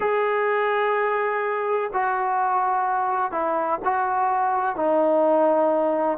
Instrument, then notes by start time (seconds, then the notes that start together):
trombone
0.00 G#4
1.93 F#4
3.31 E4
3.84 F#4
4.76 D#4